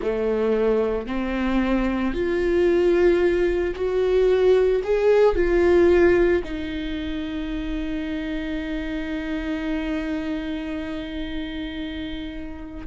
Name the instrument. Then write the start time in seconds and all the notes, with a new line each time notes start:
viola
0.01 A3
1.06 C4
2.13 F4
3.75 F#4
4.83 G#4
5.35 F4
6.43 D#4